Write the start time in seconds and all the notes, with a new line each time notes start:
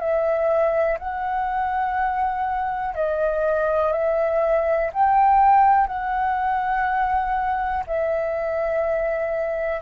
0.00 E5
0.99 F#5
2.95 D#5
3.93 E5
4.94 G5
5.87 F#5
7.87 E5